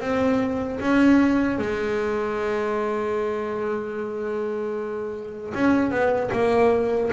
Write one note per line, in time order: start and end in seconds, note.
0.00 0.79 C4
0.80 1.58 C#4
1.58 5.53 G#3
5.54 5.90 C#4
5.90 6.30 B3
6.32 7.11 A#3